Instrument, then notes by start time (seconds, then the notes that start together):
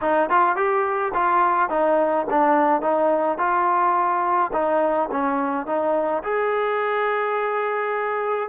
trombone
0.01 D#4
0.29 F4
0.56 G4
1.14 F4
1.69 D#4
2.30 D4
2.81 D#4
3.38 F4
4.52 D#4
5.11 C#4
5.66 D#4
6.23 G#4